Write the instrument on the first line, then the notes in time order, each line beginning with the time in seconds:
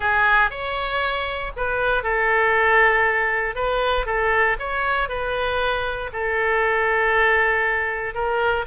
oboe
0.00 G#4
0.50 C#5
1.56 B4
2.03 A4
3.55 B4
4.05 A4
4.59 C#5
5.08 B4
6.12 A4
8.14 A#4